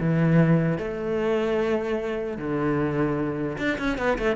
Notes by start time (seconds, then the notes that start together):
0.00 E3
0.78 A3
2.37 D3
3.58 D4
3.79 C#4
3.98 B3
4.19 A3